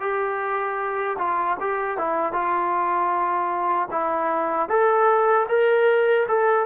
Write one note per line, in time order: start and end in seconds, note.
0.00 1.17 G4
1.18 1.57 F4
1.60 1.98 G4
1.98 2.32 E4
2.32 3.88 F4
3.91 4.69 E4
4.69 5.47 A4
5.49 6.27 A#4
6.28 6.66 A4